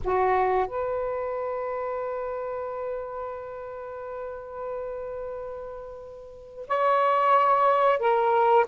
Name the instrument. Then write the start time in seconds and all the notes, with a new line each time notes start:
saxophone
0.04 F#4
0.67 B4
6.67 C#5
7.98 A#4